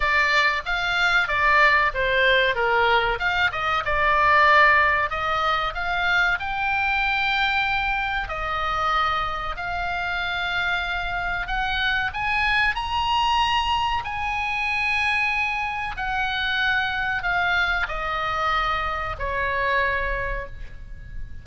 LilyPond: \new Staff \with { instrumentName = "oboe" } { \time 4/4 \tempo 4 = 94 d''4 f''4 d''4 c''4 | ais'4 f''8 dis''8 d''2 | dis''4 f''4 g''2~ | g''4 dis''2 f''4~ |
f''2 fis''4 gis''4 | ais''2 gis''2~ | gis''4 fis''2 f''4 | dis''2 cis''2 | }